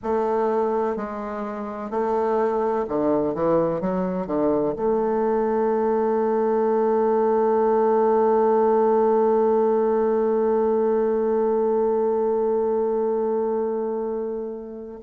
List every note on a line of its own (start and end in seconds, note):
0.03 0.96 A3
0.96 1.90 G#3
1.90 2.85 A3
2.88 3.34 D3
3.34 3.81 E3
3.81 4.26 F#3
4.26 4.74 D3
4.76 15.00 A3